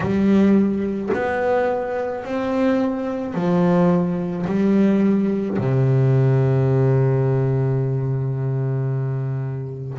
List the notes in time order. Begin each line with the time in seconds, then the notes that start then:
0.00 G3
1.13 B3
2.24 C4
3.34 F3
4.46 G3
5.58 C3